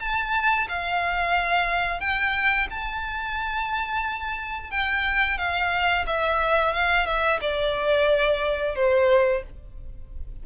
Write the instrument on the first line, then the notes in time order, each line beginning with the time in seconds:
violin
0.00 A5
0.69 F5
2.00 G5
2.71 A5
4.71 G5
5.38 F5
6.07 E5
6.74 F5
7.06 E5
7.41 D5
8.75 C5